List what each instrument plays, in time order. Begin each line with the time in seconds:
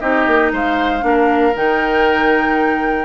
0.00 bassoon C4, clarinet D#4, oboe G4, flute D#5
0.27 bassoon A#3
0.53 bassoon G#3, oboe C5, flute F5
1.01 bassoon A#3, clarinet D4
1.08 oboe A#4
1.56 bassoon D#3, clarinet D#4, flute G5